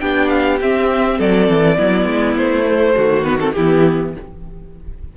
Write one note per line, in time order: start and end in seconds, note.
0.00 0.60 B3
0.00 0.59 D4
0.00 1.18 G4
0.00 0.28 G5
0.28 0.58 F5
0.60 1.19 C4
0.60 1.76 C4
0.60 1.20 E5
1.18 1.49 F#3
1.18 1.77 A4
1.18 2.37 D5
1.49 1.78 E3
1.76 2.06 F#3
1.76 2.64 B3
1.76 2.95 E4
2.06 2.35 G#3
2.36 2.95 A3
2.36 3.24 C5
2.67 3.24 A3
2.96 3.56 D#3
2.96 3.55 F#4
3.24 3.39 B3
3.24 3.38 B4
3.39 3.54 C4
3.39 3.53 A4
3.53 4.16 E3
3.53 4.17 B3
3.53 4.15 E4
3.53 4.12 G4